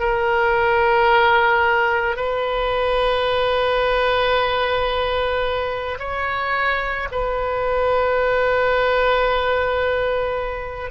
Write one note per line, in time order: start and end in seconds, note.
0.00 2.17 A#4
2.17 5.99 B4
6.00 7.09 C#5
7.12 10.91 B4